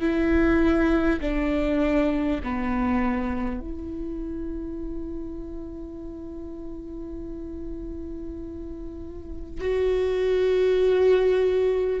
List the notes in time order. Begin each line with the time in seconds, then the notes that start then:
0.00 E4
1.20 D4
2.43 B3
3.60 E4
9.60 F#4